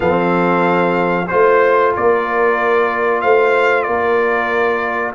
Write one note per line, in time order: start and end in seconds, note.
0.00 1.29 F3
0.00 1.25 C4
0.00 1.29 A4
0.00 1.27 F5
1.27 1.96 A3
1.27 5.14 F4
1.27 1.92 C5
1.27 1.94 C5
1.95 3.23 A#3
1.95 3.22 A#4
1.95 3.21 D5
3.21 3.87 A3
3.21 3.87 C5
3.21 3.83 F5
3.83 5.14 A#3
3.83 5.14 A#4
3.83 5.12 D5